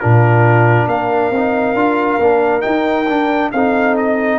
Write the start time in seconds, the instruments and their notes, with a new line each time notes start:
0.00 tuba A#2, trombone D4, horn F4, trumpet A#4
0.87 tuba A#3, horn A#4, trumpet F5
1.31 tuba C4, trombone D#4
1.75 tuba D4, trombone F4
2.19 tuba A#3, trombone D4
2.61 trombone D#4, tuba D#4, trumpet G5
3.08 tuba D4, trombone D4
3.52 tuba C4, trombone D#4, horn A4, trumpet F5
3.98 trumpet D#5